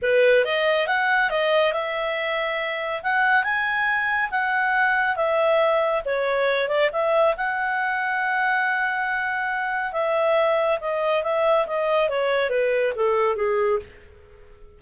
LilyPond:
\new Staff \with { instrumentName = "clarinet" } { \time 4/4 \tempo 4 = 139 b'4 dis''4 fis''4 dis''4 | e''2. fis''4 | gis''2 fis''2 | e''2 cis''4. d''8 |
e''4 fis''2.~ | fis''2. e''4~ | e''4 dis''4 e''4 dis''4 | cis''4 b'4 a'4 gis'4 | }